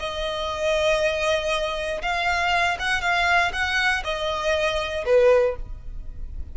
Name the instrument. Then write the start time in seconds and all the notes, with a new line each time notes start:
violin
0.00 D#5
2.02 F5
2.79 F#5
3.01 F5
3.53 F#5
4.04 D#5
5.06 B4